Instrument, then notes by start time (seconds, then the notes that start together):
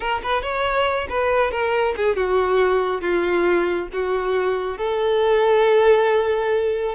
violin
0.00 A#4
0.23 B4
0.42 C#5
1.09 B4
1.51 A#4
1.96 G#4
2.15 F#4
3.01 F4
3.92 F#4
4.77 A4